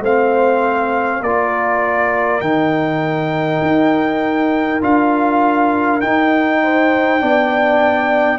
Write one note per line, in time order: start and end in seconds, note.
0.00 1.20 A3
0.00 1.24 C4
0.00 1.21 C5
0.00 1.23 F5
1.21 2.41 A#3
1.21 2.42 F4
1.21 6.62 A#4
1.21 2.41 D5
2.41 3.60 D#3
2.41 4.81 D#4
2.41 4.81 G5
3.61 4.81 D#4
4.81 6.02 D4
4.81 6.01 F4
4.81 6.01 F5
6.01 7.20 D#4
6.01 7.22 D#4
6.01 8.38 G5
6.63 7.22 C5
7.20 8.38 B3
7.20 8.38 D4
7.20 8.38 D5